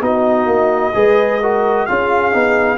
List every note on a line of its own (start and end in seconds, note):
0.00 0.46 B3
0.00 0.92 D#4
0.00 0.94 F#4
0.00 1.86 D#5
0.46 0.92 A#3
0.94 1.87 G#3
0.94 1.40 G#4
0.94 1.41 B4
1.41 1.88 F#4
1.41 1.87 A#4
1.86 2.34 C#4
1.86 2.32 F4
1.86 2.77 G#4
1.86 2.77 F5
2.32 2.77 B3
2.32 2.77 D#4